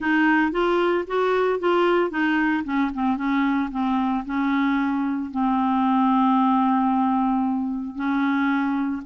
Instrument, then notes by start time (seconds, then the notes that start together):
clarinet
0.00 D#4
0.51 F4
1.07 F#4
1.59 F4
2.10 D#4
2.64 C#4
2.93 C4
3.16 C#4
3.71 C4
4.25 C#4
5.30 C4
7.95 C#4